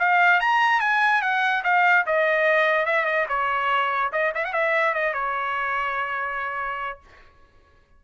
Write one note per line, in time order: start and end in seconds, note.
0.00 0.41 F5
0.41 0.81 A#5
0.81 1.22 G#5
1.22 1.63 F#5
1.64 2.06 F5
2.07 2.86 D#5
2.86 3.06 E5
3.06 3.27 D#5
3.29 4.12 C#5
4.12 4.33 D#5
4.35 4.45 E5
4.45 4.53 F#5
4.53 4.94 E5
4.94 5.14 D#5
5.14 7.00 C#5